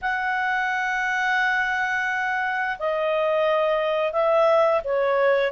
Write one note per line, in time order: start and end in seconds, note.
0.01 2.77 F#5
2.78 4.12 D#5
4.12 4.81 E5
4.84 5.51 C#5